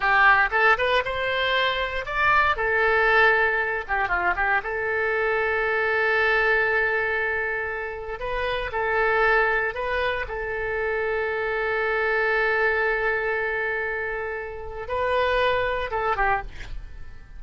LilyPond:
\new Staff \with { instrumentName = "oboe" } { \time 4/4 \tempo 4 = 117 g'4 a'8 b'8 c''2 | d''4 a'2~ a'8 g'8 | f'8 g'8 a'2.~ | a'1 |
b'4 a'2 b'4 | a'1~ | a'1~ | a'4 b'2 a'8 g'8 | }